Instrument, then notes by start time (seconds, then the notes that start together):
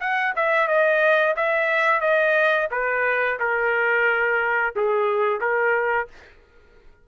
trumpet
0.00 F#5
0.35 E5
0.67 D#5
1.36 E5
2.00 D#5
2.71 B4
3.39 A#4
4.75 G#4
5.40 A#4